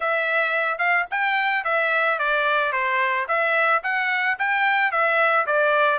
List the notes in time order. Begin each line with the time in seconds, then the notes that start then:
0.00 E5
0.78 F5
1.10 G5
1.64 E5
2.18 D5
2.72 C5
3.28 E5
3.83 F#5
4.39 G5
4.91 E5
5.46 D5